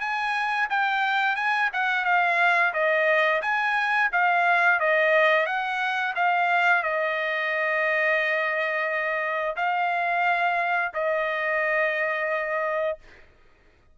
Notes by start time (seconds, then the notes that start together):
0.00 G#5
0.70 G5
1.36 G#5
1.73 F#5
2.05 F5
2.73 D#5
3.42 G#5
4.12 F5
4.80 D#5
5.46 F#5
6.15 F5
6.83 D#5
9.56 F5
10.94 D#5